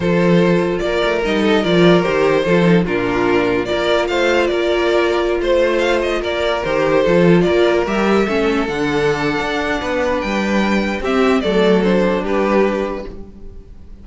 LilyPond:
<<
  \new Staff \with { instrumentName = "violin" } { \time 4/4 \tempo 4 = 147 c''2 d''4 dis''4 | d''4 c''2 ais'4~ | ais'4 d''4 f''4 d''4~ | d''4~ d''16 c''4 f''8 dis''8 d''8.~ |
d''16 c''2 d''4 e''8.~ | e''4~ e''16 fis''2~ fis''8.~ | fis''4 g''2 e''4 | d''4 c''4 b'2 | }
  \new Staff \with { instrumentName = "violin" } { \time 4/4 a'2 ais'4. a'8 | ais'2 a'4 f'4~ | f'4 ais'4 c''4 ais'4~ | ais'4~ ais'16 c''2 ais'8.~ |
ais'4~ ais'16 a'4 ais'4.~ ais'16~ | ais'16 a'2.~ a'8. | b'2. g'4 | a'2 g'2 | }
  \new Staff \with { instrumentName = "viola" } { \time 4/4 f'2. dis'4 | f'4 g'4 f'8 dis'8 d'4~ | d'4 f'2.~ | f'1~ |
f'16 g'4 f'2 g'8.~ | g'16 cis'4 d'2~ d'8.~ | d'2. c'4 | a4 d'2. | }
  \new Staff \with { instrumentName = "cello" } { \time 4/4 f2 ais8 a8 g4 | f4 dis4 f4 ais,4~ | ais,4 ais4 a4 ais4~ | ais4~ ais16 a2 ais8.~ |
ais16 dis4 f4 ais4 g8.~ | g16 a4 d4.~ d16 d'4 | b4 g2 c'4 | fis2 g2 | }
>>